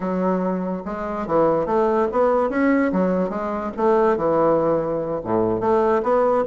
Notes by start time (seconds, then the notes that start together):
0.00 F#3
0.85 G#3
1.26 E3
1.66 A3
2.12 B3
2.49 C#4
2.92 F#3
3.29 G#3
3.76 A3
4.16 E3
5.24 A2
5.60 A3
6.02 B3